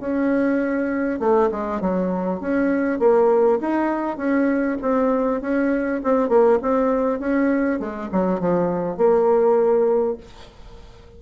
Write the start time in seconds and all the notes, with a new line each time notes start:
0.00 C#4
1.20 A3
1.51 G#3
1.81 F#3
2.41 C#4
2.99 A#3
3.61 D#4
4.18 C#4
4.82 C4
5.41 C#4
6.04 C4
6.29 A#3
6.62 C4
7.20 C#4
7.79 G#3
8.12 F#3
8.40 F3
8.97 A#3